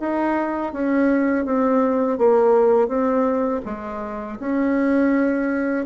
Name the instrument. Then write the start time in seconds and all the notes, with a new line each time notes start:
bassoon
0.00 D#4
0.73 C#4
1.45 C4
2.18 A#3
2.88 C4
3.65 G#3
4.40 C#4